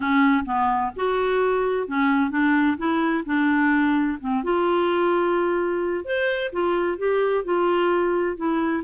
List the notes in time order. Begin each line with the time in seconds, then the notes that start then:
0.00 C#4
0.45 B3
0.96 F#4
1.87 C#4
2.30 D4
2.77 E4
3.25 D4
4.20 C4
4.43 F4
6.04 C5
6.52 F4
6.98 G4
7.44 F4
8.36 E4